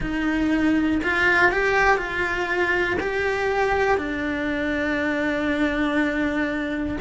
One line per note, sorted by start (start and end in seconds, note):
0.00 1.00 D#4
1.03 1.51 F4
1.51 1.97 G4
1.97 2.97 F4
3.00 3.97 G4
3.97 6.97 D4